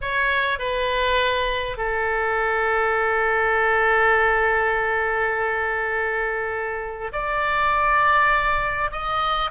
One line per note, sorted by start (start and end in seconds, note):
0.01 0.59 C#5
0.59 1.77 B4
1.77 7.11 A4
7.12 8.90 D5
8.91 9.50 D#5